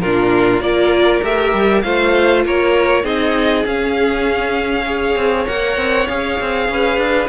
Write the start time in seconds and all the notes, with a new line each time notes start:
0.00 A#2 D4 F4 A#4
0.59 A#3 F4 A#4 D5
1.22 A3 G4 E5
1.53 G3
1.81 A3 F4 C5 F5
2.45 A#3 A#4 C#5
3.03 C4 D#4 G#4 D#5
3.65 C#4 F5
4.85 G#4 C#5
5.16 C4
5.45 A#3 A#4 F#5
5.77 C4
6.07 C#4 G#4 F5
6.40 C4
6.68 C#4 B4
6.97 D4